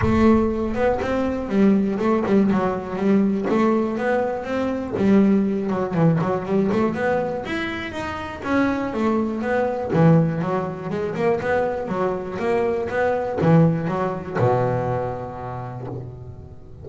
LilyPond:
\new Staff \with { instrumentName = "double bass" } { \time 4/4 \tempo 4 = 121 a4. b8 c'4 g4 | a8 g8 fis4 g4 a4 | b4 c'4 g4. fis8 | e8 fis8 g8 a8 b4 e'4 |
dis'4 cis'4 a4 b4 | e4 fis4 gis8 ais8 b4 | fis4 ais4 b4 e4 | fis4 b,2. | }